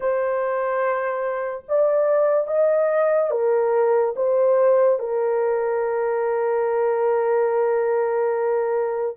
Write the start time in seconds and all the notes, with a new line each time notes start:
0.00 C5
1.68 D5
2.47 D#5
3.31 A#4
4.16 C5
4.99 A#4